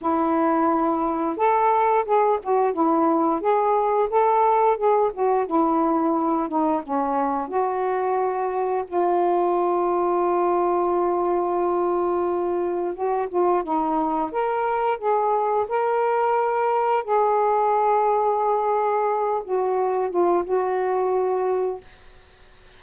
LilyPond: \new Staff \with { instrumentName = "saxophone" } { \time 4/4 \tempo 4 = 88 e'2 a'4 gis'8 fis'8 | e'4 gis'4 a'4 gis'8 fis'8 | e'4. dis'8 cis'4 fis'4~ | fis'4 f'2.~ |
f'2. fis'8 f'8 | dis'4 ais'4 gis'4 ais'4~ | ais'4 gis'2.~ | gis'8 fis'4 f'8 fis'2 | }